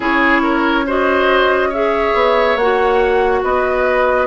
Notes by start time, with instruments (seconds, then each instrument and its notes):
0.00 bassoon C#4, clarinet E4, oboe G#4, flute C#5
0.42 oboe A#4
0.86 clarinet F#4, oboe C5, flute D#5
1.69 clarinet G#4, oboe C#5, flute E5
2.14 bassoon B3
2.56 bassoon A#3, clarinet F#4, flute F#5
3.42 bassoon B3, oboe B4, flute D#5